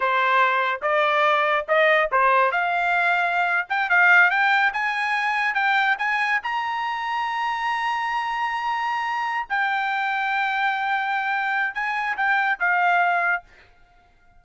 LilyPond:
\new Staff \with { instrumentName = "trumpet" } { \time 4/4 \tempo 4 = 143 c''2 d''2 | dis''4 c''4 f''2~ | f''8. g''8 f''4 g''4 gis''8.~ | gis''4~ gis''16 g''4 gis''4 ais''8.~ |
ais''1~ | ais''2~ ais''8 g''4.~ | g''1 | gis''4 g''4 f''2 | }